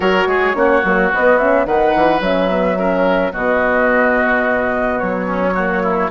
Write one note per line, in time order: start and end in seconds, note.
0.00 0.26 F#3
0.00 0.55 F#4
0.00 0.28 A#4
0.00 1.11 C#5
0.26 0.54 G#3
0.26 0.56 G#4
0.55 0.82 A#3
0.55 0.83 C#4
0.55 1.66 F#4
0.83 1.11 F#3
0.83 1.13 A#3
1.13 1.66 B3
1.13 1.38 B3
1.13 1.37 D#5
1.37 1.66 C#4
1.37 1.65 E5
1.66 1.93 D#3
1.66 2.21 D#4
1.66 2.78 B4
1.66 2.21 F#5
1.95 2.20 E3
2.20 3.31 F#3
2.20 2.50 C#4
2.20 3.33 E5
2.50 2.77 B3
2.77 3.32 C#4
2.77 3.32 A#4
3.32 5.01 B2
3.32 5.54 B3
3.32 5.26 F#4
3.32 4.99 D#5
4.99 6.10 F#3
4.99 6.10 C#5
5.26 5.53 C#4
5.54 6.10 A#3
5.54 5.82 F#4
5.83 6.10 E4